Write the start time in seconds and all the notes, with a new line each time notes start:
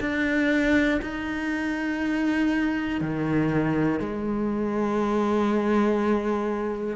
0.00 D4
1.01 D#4
3.00 D#3
3.99 G#3